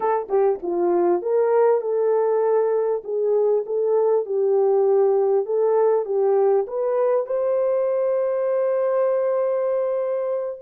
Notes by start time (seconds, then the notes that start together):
0.00 A4
0.28 G4
0.62 F4
1.22 A#4
1.81 A4
3.04 G#4
3.66 A4
4.25 G4
5.45 A4
6.05 G4
6.67 B4
7.26 C5